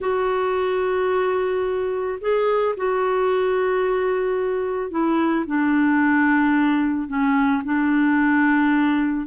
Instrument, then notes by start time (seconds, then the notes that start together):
clarinet
0.00 F#4
2.20 G#4
2.76 F#4
4.90 E4
5.46 D4
7.08 C#4
7.64 D4